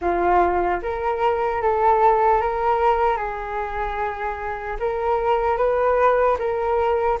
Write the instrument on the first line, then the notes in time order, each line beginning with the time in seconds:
flute
0.01 F4
0.82 A#4
1.61 A4
2.41 A#4
3.16 G#4
4.79 A#4
5.57 B4
6.38 A#4